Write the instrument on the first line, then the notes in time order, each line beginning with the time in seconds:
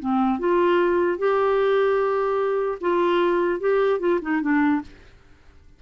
clarinet
0.00 C4
0.40 F4
1.19 G4
2.81 F4
3.60 G4
4.00 F4
4.22 D#4
4.42 D4